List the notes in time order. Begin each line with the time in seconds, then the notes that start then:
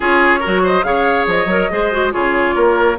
0.00 C#4 F4 G#4 C#5
0.39 F#4 A#4
0.46 F#3
0.63 C5 D#5
0.82 C#3 G#4 C#5 F5
1.27 F3 D#5
1.45 F#3 A#4
1.70 G#3 G#4 C5
1.92 F#4
2.11 C#3 F4 G#4 C#5
2.55 A#3 A#4